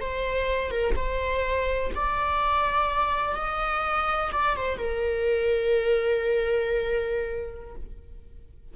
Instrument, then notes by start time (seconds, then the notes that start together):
viola
0.00 C5
0.71 A#4
0.96 C5
1.95 D5
3.36 D#5
4.32 D5
4.56 C5
4.77 A#4